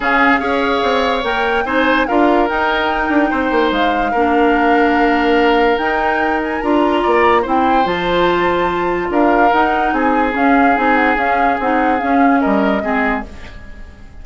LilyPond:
<<
  \new Staff \with { instrumentName = "flute" } { \time 4/4 \tempo 4 = 145 f''2. g''4 | gis''4 f''4 g''2~ | g''4 f''2.~ | f''2 g''4. gis''8 |
ais''2 g''4 a''4~ | a''2 f''4 fis''4 | gis''4 f''4 gis''8 fis''8 f''4 | fis''4 f''4 dis''2 | }
  \new Staff \with { instrumentName = "oboe" } { \time 4/4 gis'4 cis''2. | c''4 ais'2. | c''2 ais'2~ | ais'1~ |
ais'4 d''4 c''2~ | c''2 ais'2 | gis'1~ | gis'2 ais'4 gis'4 | }
  \new Staff \with { instrumentName = "clarinet" } { \time 4/4 cis'4 gis'2 ais'4 | dis'4 f'4 dis'2~ | dis'2 d'2~ | d'2 dis'2 |
f'2 e'4 f'4~ | f'2. dis'4~ | dis'4 cis'4 dis'4 cis'4 | dis'4 cis'2 c'4 | }
  \new Staff \with { instrumentName = "bassoon" } { \time 4/4 cis4 cis'4 c'4 ais4 | c'4 d'4 dis'4. d'8 | c'8 ais8 gis4 ais2~ | ais2 dis'2 |
d'4 ais4 c'4 f4~ | f2 d'4 dis'4 | c'4 cis'4 c'4 cis'4 | c'4 cis'4 g4 gis4 | }
>>